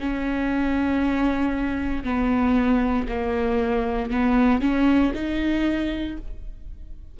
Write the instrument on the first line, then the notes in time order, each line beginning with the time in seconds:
viola
0.00 C#4
2.04 B3
3.08 A#3
4.11 B3
4.61 C#4
5.14 D#4